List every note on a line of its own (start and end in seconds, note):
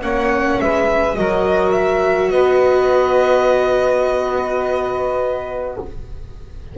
0.00 0.60 A#3
0.00 1.15 C#4
0.00 0.61 C#5
0.00 0.60 F#5
0.60 1.18 G#3
0.60 1.17 B4
0.60 1.16 E5
1.15 2.31 F#3
1.15 5.76 F#4
1.15 2.32 A#4
1.15 1.73 D#5
1.73 2.30 E5
2.30 5.77 B3
2.30 5.78 B4
2.30 5.76 D#5